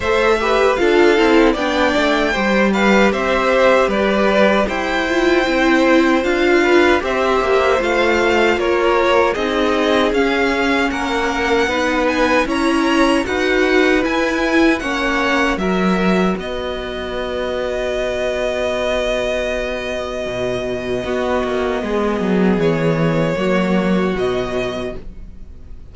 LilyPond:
<<
  \new Staff \with { instrumentName = "violin" } { \time 4/4 \tempo 4 = 77 e''4 f''4 g''4. f''8 | e''4 d''4 g''2 | f''4 e''4 f''4 cis''4 | dis''4 f''4 fis''4. gis''8 |
ais''4 fis''4 gis''4 fis''4 | e''4 dis''2.~ | dis''1~ | dis''4 cis''2 dis''4 | }
  \new Staff \with { instrumentName = "violin" } { \time 4/4 c''8 b'8 a'4 d''4 c''8 b'8 | c''4 b'4 c''2~ | c''8 b'8 c''2 ais'4 | gis'2 ais'4 b'4 |
cis''4 b'2 cis''4 | ais'4 b'2.~ | b'2. fis'4 | gis'2 fis'2 | }
  \new Staff \with { instrumentName = "viola" } { \time 4/4 a'8 g'8 f'8 e'8 d'4 g'4~ | g'2~ g'8 f'8 e'4 | f'4 g'4 f'2 | dis'4 cis'2 dis'4 |
e'4 fis'4 e'4 cis'4 | fis'1~ | fis'2. b4~ | b2 ais4 fis4 | }
  \new Staff \with { instrumentName = "cello" } { \time 4/4 a4 d'8 c'8 b8 a8 g4 | c'4 g4 e'4 c'4 | d'4 c'8 ais8 a4 ais4 | c'4 cis'4 ais4 b4 |
cis'4 dis'4 e'4 ais4 | fis4 b2.~ | b2 b,4 b8 ais8 | gis8 fis8 e4 fis4 b,4 | }
>>